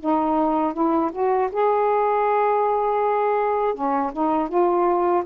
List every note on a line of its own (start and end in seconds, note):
0.00 0.74 D#4
0.74 1.11 E4
1.12 1.50 F#4
1.52 3.75 G#4
3.75 4.12 C#4
4.13 4.49 D#4
4.49 5.24 F4